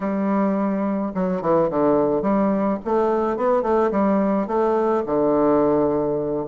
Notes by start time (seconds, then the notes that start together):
0.00 G3
1.14 F#3
1.41 E3
1.70 D3
2.22 G3
2.84 A3
3.36 B3
3.62 A3
3.91 G3
4.47 A3
5.06 D3